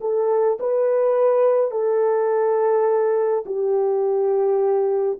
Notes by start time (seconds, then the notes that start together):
0.00 A4
0.60 B4
1.71 A4
3.46 G4